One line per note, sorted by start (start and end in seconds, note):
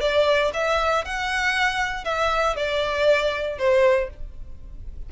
0.00 0.51 D5
0.53 1.04 E5
1.04 2.04 F#5
2.04 2.56 E5
2.56 3.58 D5
3.58 4.09 C5